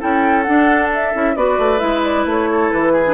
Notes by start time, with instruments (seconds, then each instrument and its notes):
0.00 bassoon C#4, clarinet E4, oboe A4, flute G5
0.43 clarinet D4, bassoon D4, flute F#5
0.94 flute E5
1.13 bassoon C#4, clarinet E4
1.36 bassoon B3, clarinet F#4, oboe B4, flute D5
1.58 bassoon A3
1.78 bassoon G#3, clarinet E4, flute E5
2.03 flute D5
2.26 bassoon A3, flute C#5
2.52 oboe A4
2.71 bassoon E3, flute B4
2.93 oboe G#4
3.07 clarinet D4